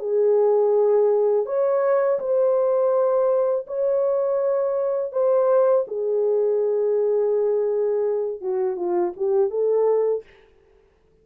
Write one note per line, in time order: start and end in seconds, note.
0.00 1.46 G#4
1.46 2.20 C#5
2.20 3.67 C5
3.68 5.13 C#5
5.13 5.86 C5
5.88 8.41 G#4
8.41 8.77 F#4
8.77 9.13 F4
9.17 9.51 G4
9.51 10.24 A4